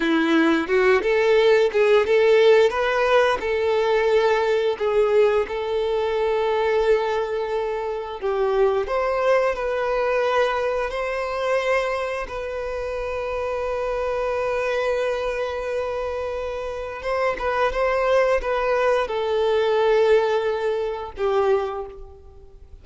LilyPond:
\new Staff \with { instrumentName = "violin" } { \time 4/4 \tempo 4 = 88 e'4 fis'8 a'4 gis'8 a'4 | b'4 a'2 gis'4 | a'1 | g'4 c''4 b'2 |
c''2 b'2~ | b'1~ | b'4 c''8 b'8 c''4 b'4 | a'2. g'4 | }